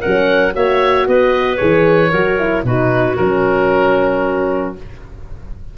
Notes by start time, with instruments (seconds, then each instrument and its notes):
0.00 tuba F#3, horn C#4, clarinet A#4, oboe F#5
0.52 tuba A#3, horn F#4, clarinet C#5, oboe E5
1.07 tuba B3, clarinet B4, oboe D#5
1.56 tuba E3, horn G#4, oboe C#5
2.10 tuba F#3, horn F#4, clarinet A#4
2.39 horn E4
2.63 tuba B2, horn D#4, clarinet F#4, oboe B4
3.16 tuba F#3, horn C#4, oboe A#4